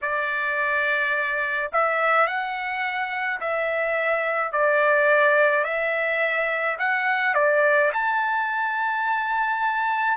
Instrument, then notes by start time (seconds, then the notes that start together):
trumpet
0.01 D5
1.72 E5
2.26 F#5
3.40 E5
4.52 D5
5.63 E5
6.79 F#5
7.34 D5
7.93 A5